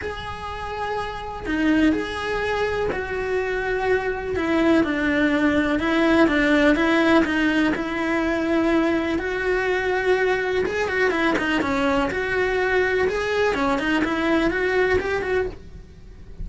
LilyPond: \new Staff \with { instrumentName = "cello" } { \time 4/4 \tempo 4 = 124 gis'2. dis'4 | gis'2 fis'2~ | fis'4 e'4 d'2 | e'4 d'4 e'4 dis'4 |
e'2. fis'4~ | fis'2 gis'8 fis'8 e'8 dis'8 | cis'4 fis'2 gis'4 | cis'8 dis'8 e'4 fis'4 g'8 fis'8 | }